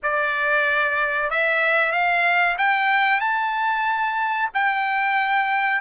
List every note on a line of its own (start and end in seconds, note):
0.02 1.30 D5
1.30 1.92 E5
1.92 2.56 F5
2.58 3.20 G5
3.20 4.49 A5
4.54 5.81 G5